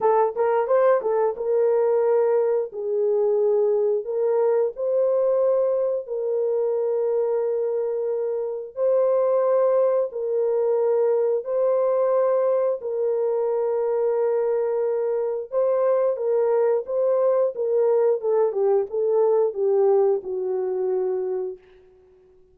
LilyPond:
\new Staff \with { instrumentName = "horn" } { \time 4/4 \tempo 4 = 89 a'8 ais'8 c''8 a'8 ais'2 | gis'2 ais'4 c''4~ | c''4 ais'2.~ | ais'4 c''2 ais'4~ |
ais'4 c''2 ais'4~ | ais'2. c''4 | ais'4 c''4 ais'4 a'8 g'8 | a'4 g'4 fis'2 | }